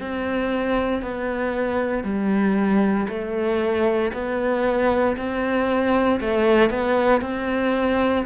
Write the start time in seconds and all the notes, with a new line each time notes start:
0.00 C4
1.02 B3
2.04 G3
3.09 A3
4.13 B3
5.17 C4
6.21 A3
6.70 B3
7.21 C4